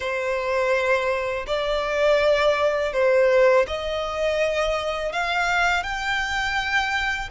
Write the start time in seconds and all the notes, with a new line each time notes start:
0.00 C5
1.46 D5
2.92 C5
3.67 D#5
5.12 F5
5.83 G5